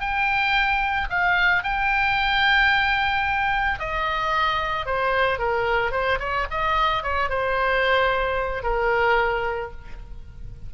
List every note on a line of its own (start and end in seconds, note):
0.00 1.08 G5
1.10 1.63 F5
1.63 3.79 G5
3.79 4.86 D#5
4.86 5.39 C5
5.39 5.91 A#4
5.91 6.18 C5
6.19 6.46 C#5
6.50 7.03 D#5
7.03 7.29 C#5
7.29 8.63 C5
8.63 9.71 A#4